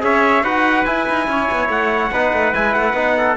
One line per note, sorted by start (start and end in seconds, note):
0.00 0.43 C#4
0.00 0.42 G#4
0.00 0.43 C#5
0.00 0.44 E5
0.43 0.85 D#4
0.43 0.86 F#4
0.43 1.27 B4
0.43 0.84 F#5
0.84 2.12 E4
0.84 1.08 E4
0.84 1.68 G#5
1.08 1.27 D#4
1.27 1.48 C#4
1.27 2.12 C#5
1.51 1.68 B3
1.68 2.10 A3
1.68 2.54 F#5
2.11 2.32 B3
2.11 2.54 D#4
2.11 3.17 B4
2.32 2.53 A3
2.54 2.75 G#3
2.54 2.94 E4
2.54 2.74 G#5
2.74 2.93 A3
2.74 3.37 F#5
2.93 3.35 B3
2.93 3.36 D#4
3.17 3.37 A4